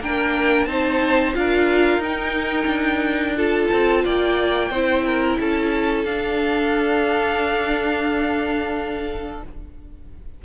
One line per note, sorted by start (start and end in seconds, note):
0.00 0.66 A#3
0.00 0.68 D4
0.00 0.68 A#4
0.00 0.65 G5
0.65 1.33 C4
0.65 1.34 D#4
0.65 1.36 C5
0.65 1.32 A5
1.34 1.97 D4
1.34 2.01 F4
1.34 3.36 A#4
1.34 2.02 F5
1.97 2.65 D#4
1.97 3.36 D#4
1.97 3.37 G5
2.66 3.67 D4
3.36 4.71 F4
3.36 4.04 A4
3.36 4.05 A5
3.72 4.04 C4
4.04 4.70 A#3
4.04 4.70 D5
4.04 5.40 G5
4.70 5.37 C4
4.70 6.06 E4
4.70 5.04 C5
5.05 5.39 A#4
5.40 6.05 C#4
5.40 9.44 A4
5.40 6.05 A5
6.05 9.42 D4
6.05 9.43 D4
6.05 9.42 F5